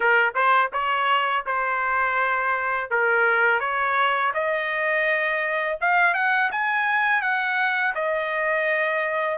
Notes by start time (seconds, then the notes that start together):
0.00 A#4
0.34 C5
0.72 C#5
1.46 C5
2.90 A#4
3.60 C#5
4.33 D#5
5.80 F5
6.14 F#5
6.51 G#5
7.21 F#5
7.95 D#5